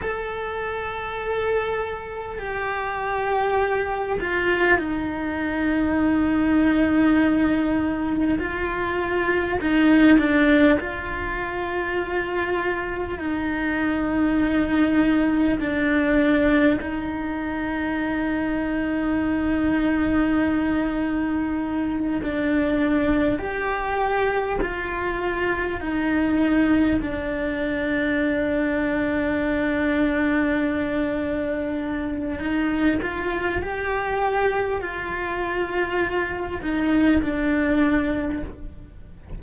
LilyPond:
\new Staff \with { instrumentName = "cello" } { \time 4/4 \tempo 4 = 50 a'2 g'4. f'8 | dis'2. f'4 | dis'8 d'8 f'2 dis'4~ | dis'4 d'4 dis'2~ |
dis'2~ dis'8 d'4 g'8~ | g'8 f'4 dis'4 d'4.~ | d'2. dis'8 f'8 | g'4 f'4. dis'8 d'4 | }